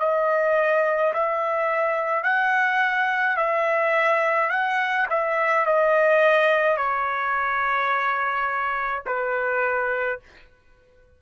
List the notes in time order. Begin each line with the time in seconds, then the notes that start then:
0.00 D#5
1.14 E5
2.24 F#5
3.37 E5
4.50 F#5
5.10 E5
5.66 D#5
6.77 C#5
9.06 B4